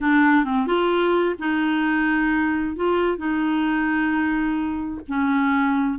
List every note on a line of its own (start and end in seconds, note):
0.00 0.44 D4
0.44 0.66 C4
0.66 1.35 F4
1.38 2.76 D#4
2.76 3.17 F4
3.17 5.00 D#4
5.08 5.99 C#4